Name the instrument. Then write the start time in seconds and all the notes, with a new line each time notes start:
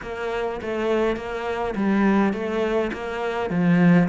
cello
0.02 A#3
0.61 A3
1.16 A#3
1.75 G3
2.33 A3
2.93 A#3
3.50 F3